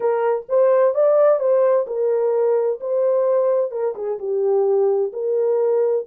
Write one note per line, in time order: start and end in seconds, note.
0.00 0.45 A#4
0.49 0.94 C5
0.94 1.39 D5
1.39 1.86 C5
1.86 2.79 A#4
2.80 3.71 C5
3.71 3.94 A#4
3.95 4.18 G#4
4.18 5.11 G4
5.13 6.06 A#4